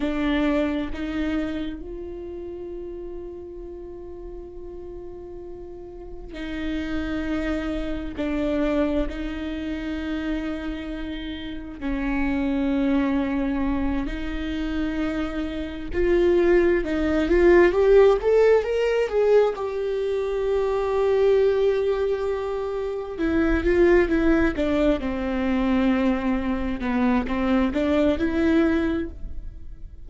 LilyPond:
\new Staff \with { instrumentName = "viola" } { \time 4/4 \tempo 4 = 66 d'4 dis'4 f'2~ | f'2. dis'4~ | dis'4 d'4 dis'2~ | dis'4 cis'2~ cis'8 dis'8~ |
dis'4. f'4 dis'8 f'8 g'8 | a'8 ais'8 gis'8 g'2~ g'8~ | g'4. e'8 f'8 e'8 d'8 c'8~ | c'4. b8 c'8 d'8 e'4 | }